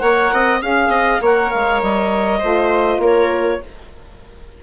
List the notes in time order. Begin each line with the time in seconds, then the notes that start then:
0.00 A#3 A#4 C#5 F#5
0.33 C4 D#5
0.62 C#4 G#4 F5
0.89 C4 D#5
1.21 A#3 A#4 C#5 F#5
1.51 G#3 F5
1.83 G3 D#5
2.40 A3 F4 C5
2.99 A#3 A#4 C#5